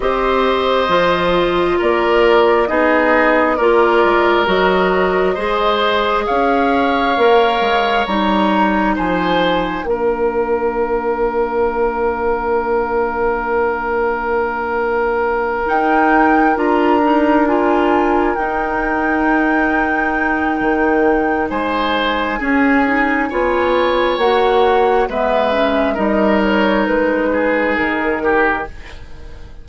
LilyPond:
<<
  \new Staff \with { instrumentName = "flute" } { \time 4/4 \tempo 4 = 67 dis''2 d''4 dis''4 | d''4 dis''2 f''4~ | f''4 ais''4 gis''4 f''4~ | f''1~ |
f''4. g''4 ais''4 gis''8~ | gis''8 g''2.~ g''8 | gis''2. fis''4 | e''4 dis''8 cis''8 b'4 ais'4 | }
  \new Staff \with { instrumentName = "oboe" } { \time 4/4 c''2 ais'4 gis'4 | ais'2 c''4 cis''4~ | cis''2 c''4 ais'4~ | ais'1~ |
ais'1~ | ais'1 | c''4 gis'4 cis''2 | b'4 ais'4. gis'4 g'8 | }
  \new Staff \with { instrumentName = "clarinet" } { \time 4/4 g'4 f'2 dis'4 | f'4 fis'4 gis'2 | ais'4 dis'2 d'4~ | d'1~ |
d'4. dis'4 f'8 dis'8 f'8~ | f'8 dis'2.~ dis'8~ | dis'4 cis'8 dis'8 f'4 fis'4 | b8 cis'8 dis'2. | }
  \new Staff \with { instrumentName = "bassoon" } { \time 4/4 c'4 f4 ais4 b4 | ais8 gis8 fis4 gis4 cis'4 | ais8 gis8 g4 f4 ais4~ | ais1~ |
ais4. dis'4 d'4.~ | d'8 dis'2~ dis'8 dis4 | gis4 cis'4 b4 ais4 | gis4 g4 gis4 dis4 | }
>>